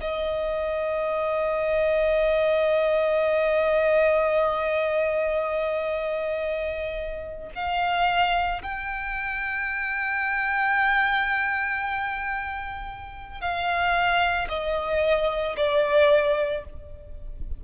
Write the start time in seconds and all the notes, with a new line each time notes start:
0.00 D#5
7.54 F5
8.62 G5
13.41 F5
14.48 D#5
15.56 D5